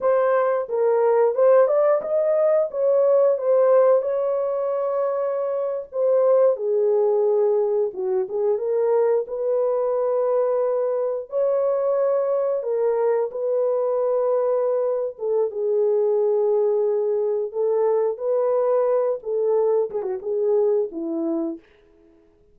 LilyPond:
\new Staff \with { instrumentName = "horn" } { \time 4/4 \tempo 4 = 89 c''4 ais'4 c''8 d''8 dis''4 | cis''4 c''4 cis''2~ | cis''8. c''4 gis'2 fis'16~ | fis'16 gis'8 ais'4 b'2~ b'16~ |
b'8. cis''2 ais'4 b'16~ | b'2~ b'8 a'8 gis'4~ | gis'2 a'4 b'4~ | b'8 a'4 gis'16 fis'16 gis'4 e'4 | }